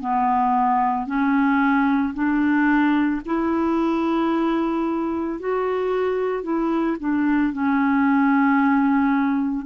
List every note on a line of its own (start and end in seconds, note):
0.00 1.06 B3
1.06 2.13 C#4
2.14 3.21 D4
3.25 5.39 E4
5.39 6.43 F#4
6.43 6.96 E4
6.99 7.52 D4
7.52 9.65 C#4